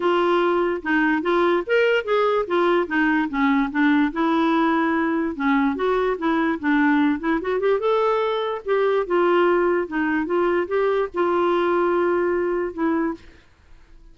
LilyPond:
\new Staff \with { instrumentName = "clarinet" } { \time 4/4 \tempo 4 = 146 f'2 dis'4 f'4 | ais'4 gis'4 f'4 dis'4 | cis'4 d'4 e'2~ | e'4 cis'4 fis'4 e'4 |
d'4. e'8 fis'8 g'8 a'4~ | a'4 g'4 f'2 | dis'4 f'4 g'4 f'4~ | f'2. e'4 | }